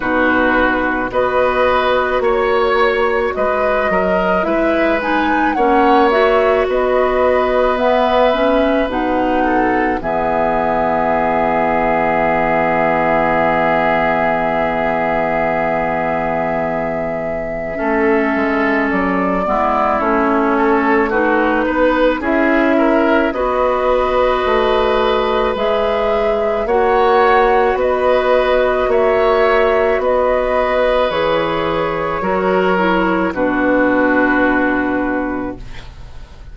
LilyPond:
<<
  \new Staff \with { instrumentName = "flute" } { \time 4/4 \tempo 4 = 54 b'4 dis''4 cis''4 dis''4 | e''8 gis''8 fis''8 e''8 dis''4 e''4 | fis''4 e''2.~ | e''1~ |
e''4 d''4 cis''4 b'4 | e''4 dis''2 e''4 | fis''4 dis''4 e''4 dis''4 | cis''2 b'2 | }
  \new Staff \with { instrumentName = "oboe" } { \time 4/4 fis'4 b'4 cis''4 b'8 ais'8 | b'4 cis''4 b'2~ | b'8 a'8 gis'2.~ | gis'1 |
a'4. e'4 a'8 fis'8 b'8 | gis'8 ais'8 b'2. | cis''4 b'4 cis''4 b'4~ | b'4 ais'4 fis'2 | }
  \new Staff \with { instrumentName = "clarinet" } { \time 4/4 dis'4 fis'2. | e'8 dis'8 cis'8 fis'4. b8 cis'8 | dis'4 b2.~ | b1 |
cis'4. b8 cis'4 dis'4 | e'4 fis'2 gis'4 | fis'1 | gis'4 fis'8 e'8 d'2 | }
  \new Staff \with { instrumentName = "bassoon" } { \time 4/4 b,4 b4 ais4 gis8 fis8 | gis4 ais4 b2 | b,4 e2.~ | e1 |
a8 gis8 fis8 gis8 a4. b8 | cis'4 b4 a4 gis4 | ais4 b4 ais4 b4 | e4 fis4 b,2 | }
>>